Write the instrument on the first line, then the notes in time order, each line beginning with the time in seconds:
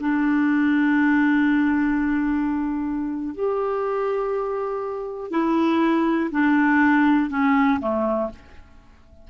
clarinet
0.00 D4
3.34 G4
5.31 E4
6.31 D4
7.30 C#4
7.80 A3